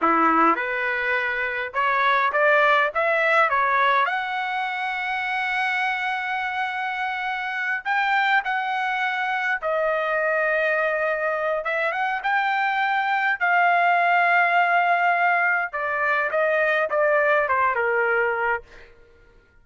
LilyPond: \new Staff \with { instrumentName = "trumpet" } { \time 4/4 \tempo 4 = 103 e'4 b'2 cis''4 | d''4 e''4 cis''4 fis''4~ | fis''1~ | fis''4. g''4 fis''4.~ |
fis''8 dis''2.~ dis''8 | e''8 fis''8 g''2 f''4~ | f''2. d''4 | dis''4 d''4 c''8 ais'4. | }